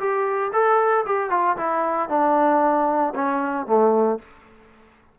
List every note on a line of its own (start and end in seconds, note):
0.00 0.52 G4
0.53 1.05 A4
1.06 1.30 G4
1.30 1.57 F4
1.57 2.09 E4
2.10 3.14 D4
3.15 3.67 C#4
3.67 4.19 A3